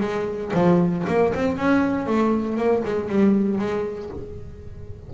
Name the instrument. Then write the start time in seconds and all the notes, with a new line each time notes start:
double bass
0.00 G#3
0.53 F3
1.07 A#3
1.34 C4
1.57 C#4
2.06 A3
2.57 A#3
2.84 G#3
3.09 G3
3.58 G#3